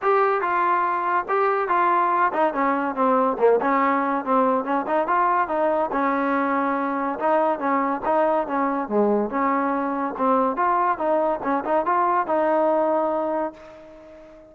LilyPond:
\new Staff \with { instrumentName = "trombone" } { \time 4/4 \tempo 4 = 142 g'4 f'2 g'4 | f'4. dis'8 cis'4 c'4 | ais8 cis'4. c'4 cis'8 dis'8 | f'4 dis'4 cis'2~ |
cis'4 dis'4 cis'4 dis'4 | cis'4 gis4 cis'2 | c'4 f'4 dis'4 cis'8 dis'8 | f'4 dis'2. | }